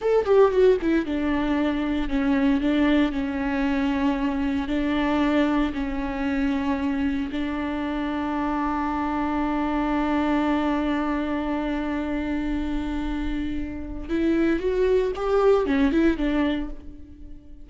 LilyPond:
\new Staff \with { instrumentName = "viola" } { \time 4/4 \tempo 4 = 115 a'8 g'8 fis'8 e'8 d'2 | cis'4 d'4 cis'2~ | cis'4 d'2 cis'4~ | cis'2 d'2~ |
d'1~ | d'1~ | d'2. e'4 | fis'4 g'4 cis'8 e'8 d'4 | }